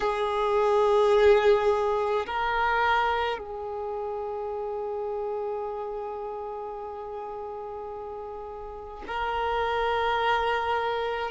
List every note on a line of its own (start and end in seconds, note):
0.00 2.26 G#4
2.26 3.38 A#4
3.38 9.04 G#4
9.07 11.31 A#4